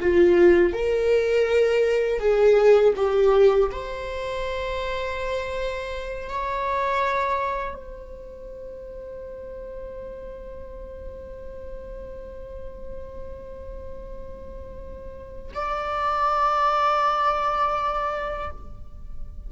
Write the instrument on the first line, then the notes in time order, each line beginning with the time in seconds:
viola
0.00 F4
0.73 A#4
2.20 G#4
2.96 G4
3.72 C5
6.29 C#5
7.74 C5
15.55 D5